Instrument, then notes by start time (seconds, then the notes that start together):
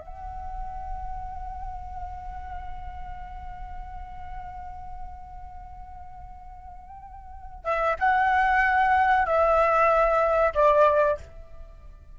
flute
0.00 F#5
7.65 E5
7.99 F#5
9.26 E5
10.54 D5